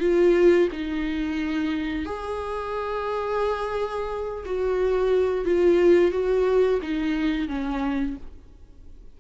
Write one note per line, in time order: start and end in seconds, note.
0.00 0.68 F4
0.72 2.05 D#4
2.05 4.44 G#4
4.45 5.45 F#4
5.45 6.11 F4
6.11 6.80 F#4
6.82 7.48 D#4
7.48 8.16 C#4